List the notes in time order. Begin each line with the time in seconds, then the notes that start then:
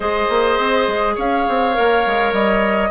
0.00 G#3 G#4 C5 D#5
0.29 A#3
0.58 C4
0.87 G#3
1.15 C#4 C#5 F5
1.48 C4
1.73 A#3 A#4
2.06 G#3
2.32 G3 D#5